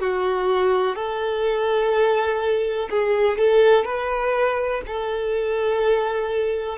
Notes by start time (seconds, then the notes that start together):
0.00 F#4
0.95 A4
2.90 G#4
3.38 A4
3.84 B4
4.87 A4